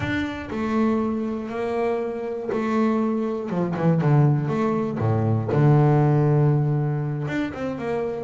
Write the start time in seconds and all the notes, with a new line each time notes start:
0.00 D4
0.50 A3
1.49 A#3
2.52 A3
3.49 F3
3.76 E3
4.01 D3
4.48 A3
4.99 A2
5.51 D3
7.27 D4
7.53 C4
7.78 A#3